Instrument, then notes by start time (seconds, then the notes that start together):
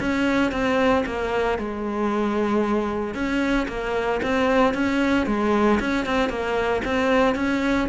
cello
0.00 C#4
0.51 C4
1.06 A#3
1.58 G#3
3.14 C#4
3.68 A#3
4.22 C4
4.74 C#4
5.26 G#3
5.80 C#4
6.06 C4
6.29 A#3
6.85 C4
7.35 C#4